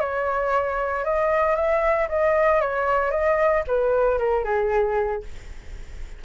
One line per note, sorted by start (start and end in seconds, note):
0.00 1.04 C#5
1.04 1.56 D#5
1.56 2.08 E5
2.09 2.61 D#5
2.61 3.11 C#5
3.11 3.63 D#5
3.67 4.19 B4
4.19 4.44 A#4
4.44 5.23 G#4